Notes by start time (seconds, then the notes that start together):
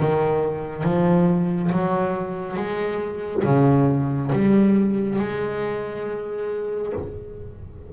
0.00 D#3
0.83 F3
1.72 F#3
2.57 G#3
3.44 C#3
4.32 G3
5.19 G#3